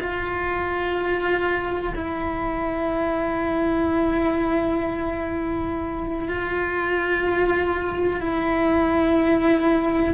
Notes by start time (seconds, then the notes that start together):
0.00 F4
1.95 E4
6.29 F4
8.21 E4